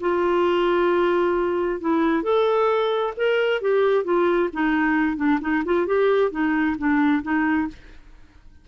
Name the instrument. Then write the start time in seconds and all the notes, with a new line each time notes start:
clarinet
0.00 F4
1.80 E4
2.23 A4
3.17 A#4
3.62 G4
4.04 F4
4.53 D#4
5.17 D4
5.41 D#4
5.65 F4
5.86 G4
6.31 D#4
6.78 D4
7.22 D#4